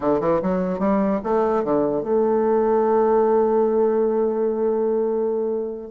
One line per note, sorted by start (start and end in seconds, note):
0.00 0.20 D3
0.20 0.40 E3
0.41 0.79 F#3
0.79 1.20 G3
1.23 1.63 A3
1.63 2.02 D3
2.02 5.90 A3